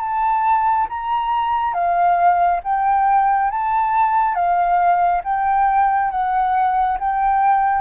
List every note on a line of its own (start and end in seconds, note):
0.00 0.87 A5
0.89 1.73 A#5
1.73 2.60 F5
2.64 3.51 G5
3.51 4.34 A5
4.34 5.21 F5
5.24 6.11 G5
6.11 6.98 F#5
7.00 7.81 G5